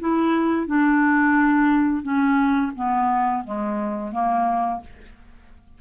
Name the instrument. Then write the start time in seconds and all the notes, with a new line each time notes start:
clarinet
0.00 E4
0.67 D4
2.03 C#4
2.76 B3
3.45 G#3
4.12 A#3